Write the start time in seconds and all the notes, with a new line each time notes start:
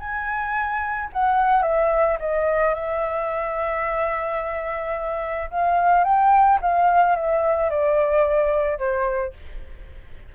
0.00 G#5
1.13 F#5
1.63 E5
2.20 D#5
2.75 E5
5.51 F5
6.05 G5
6.62 F5
7.16 E5
7.70 D5
8.79 C5